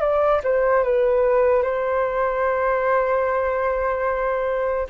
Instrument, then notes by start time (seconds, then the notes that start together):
flute
0.00 D5
0.43 C5
0.83 B4
1.63 C5